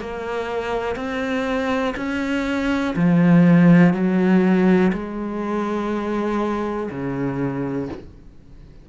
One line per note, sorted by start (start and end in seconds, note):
0.00 0.96 A#3
0.96 1.94 C4
1.97 2.95 C#4
2.96 3.93 F3
3.93 4.92 F#3
4.93 6.89 G#3
6.90 7.89 C#3